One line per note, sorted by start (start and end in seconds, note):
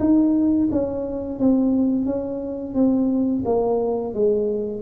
0.00 0.69 D#4
0.72 1.39 C#4
1.39 2.06 C4
2.06 2.75 C#4
2.75 3.44 C4
3.45 4.14 A#3
4.14 4.82 G#3